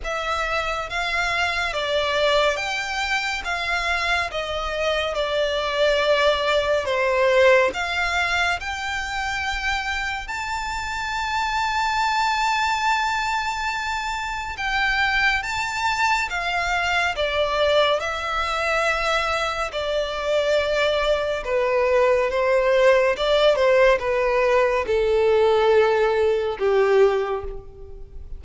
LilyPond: \new Staff \with { instrumentName = "violin" } { \time 4/4 \tempo 4 = 70 e''4 f''4 d''4 g''4 | f''4 dis''4 d''2 | c''4 f''4 g''2 | a''1~ |
a''4 g''4 a''4 f''4 | d''4 e''2 d''4~ | d''4 b'4 c''4 d''8 c''8 | b'4 a'2 g'4 | }